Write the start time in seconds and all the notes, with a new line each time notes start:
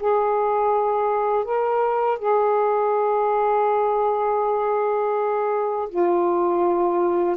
0.00 G#4
1.45 A#4
2.19 G#4
5.89 F4